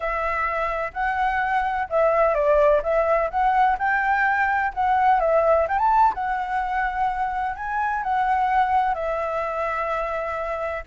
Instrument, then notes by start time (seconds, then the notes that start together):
flute
0.00 E5
0.93 F#5
1.89 E5
2.34 D5
2.82 E5
3.30 F#5
3.78 G5
4.74 F#5
5.19 E5
5.68 G5
5.78 A5
6.14 F#5
7.55 G#5
8.03 F#5
8.94 E5